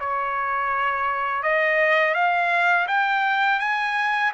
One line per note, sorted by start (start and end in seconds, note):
0.00 1.43 C#5
1.43 2.15 D#5
2.15 2.87 F5
2.88 3.59 G5
3.59 4.32 G#5